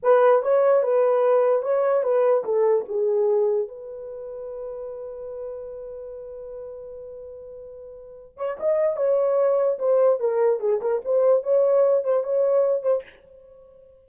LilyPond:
\new Staff \with { instrumentName = "horn" } { \time 4/4 \tempo 4 = 147 b'4 cis''4 b'2 | cis''4 b'4 a'4 gis'4~ | gis'4 b'2.~ | b'1~ |
b'1~ | b'8 cis''8 dis''4 cis''2 | c''4 ais'4 gis'8 ais'8 c''4 | cis''4. c''8 cis''4. c''8 | }